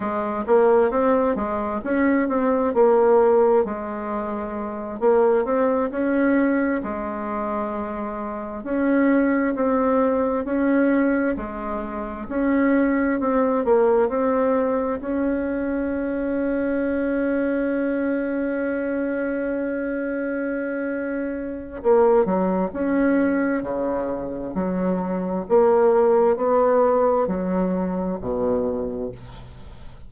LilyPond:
\new Staff \with { instrumentName = "bassoon" } { \time 4/4 \tempo 4 = 66 gis8 ais8 c'8 gis8 cis'8 c'8 ais4 | gis4. ais8 c'8 cis'4 gis8~ | gis4. cis'4 c'4 cis'8~ | cis'8 gis4 cis'4 c'8 ais8 c'8~ |
c'8 cis'2.~ cis'8~ | cis'1 | ais8 fis8 cis'4 cis4 fis4 | ais4 b4 fis4 b,4 | }